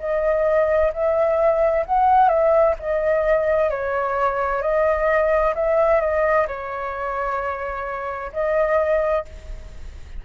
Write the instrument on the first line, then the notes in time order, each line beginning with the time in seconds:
flute
0.00 D#5
0.93 E5
1.86 F#5
2.29 E5
2.80 D#5
3.70 C#5
4.62 D#5
5.56 E5
6.01 D#5
6.47 C#5
8.33 D#5